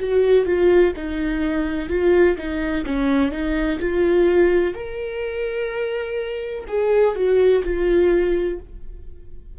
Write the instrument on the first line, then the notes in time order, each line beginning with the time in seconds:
viola
0.00 F#4
0.45 F4
0.96 D#4
1.89 F4
2.37 D#4
2.86 C#4
3.31 D#4
3.80 F4
4.74 A#4
6.68 G#4
7.15 F#4
7.64 F4